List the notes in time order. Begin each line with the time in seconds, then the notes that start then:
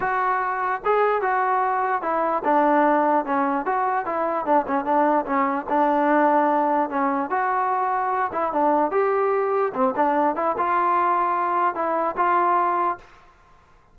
0.00 F#4
0.84 G#4
1.21 F#4
2.02 E4
2.44 D4
3.25 C#4
3.65 F#4
4.05 E4
4.45 D4
4.67 C#4
4.84 D4
5.25 C#4
5.69 D4
6.89 C#4
7.30 F#4
8.32 E4
8.52 D4
8.91 G4
9.74 C4
9.96 D4
10.35 E4
10.57 F4
11.75 E4
12.16 F4